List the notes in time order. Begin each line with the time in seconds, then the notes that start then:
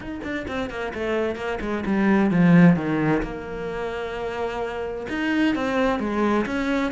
0.00 D#4
0.23 D4
0.47 C4
0.69 A#3
0.93 A3
1.35 A#3
1.60 G#3
1.86 G3
2.31 F3
2.76 D#3
3.22 A#3
5.09 D#4
5.55 C4
5.99 G#3
6.46 C#4